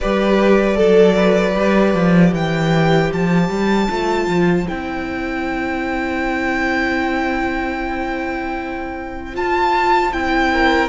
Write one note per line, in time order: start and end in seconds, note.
0.00 0.78 G3
0.00 0.75 G4
0.00 0.76 B4
0.00 2.34 D5
0.75 1.55 F#3
0.75 1.52 A4
0.75 1.15 A4
1.16 2.32 B4
1.55 1.94 G3
1.55 3.88 G4
1.94 2.32 F3
2.32 3.10 E3
2.32 10.50 C5
2.32 3.12 G5
3.12 3.49 F3
3.12 4.67 A5
3.49 3.88 G3
3.88 4.27 A3
3.88 4.66 F4
4.27 4.66 F3
4.67 9.36 C4
4.67 9.33 E4
4.67 9.35 G5
9.33 10.11 F4
9.33 10.12 F4
9.33 10.12 A5
10.12 10.88 C4
10.12 10.88 E4
10.12 10.88 G5
10.53 10.88 A#4